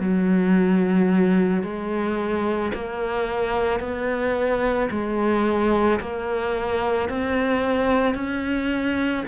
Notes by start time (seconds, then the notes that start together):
0.00 F#3
1.63 G#3
2.74 A#3
3.80 B3
4.91 G#3
6.00 A#3
7.09 C4
8.15 C#4